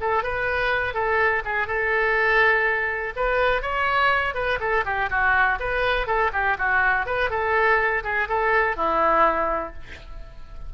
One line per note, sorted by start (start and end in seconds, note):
0.00 0.23 A4
0.23 0.94 B4
0.94 1.43 A4
1.45 1.67 G#4
1.67 3.14 A4
3.16 3.62 B4
3.62 4.34 C#5
4.34 4.59 B4
4.60 4.84 A4
4.85 5.09 G4
5.10 5.59 F#4
5.59 6.06 B4
6.06 6.31 A4
6.33 6.57 G4
6.58 7.06 F#4
7.06 7.30 B4
7.30 8.03 A4
8.03 8.28 G#4
8.28 8.76 A4
8.76 9.74 E4